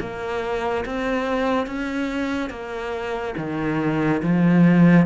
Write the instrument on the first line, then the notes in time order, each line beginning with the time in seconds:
cello
0.00 A#3
0.85 C4
1.67 C#4
2.50 A#3
3.37 D#3
4.23 F3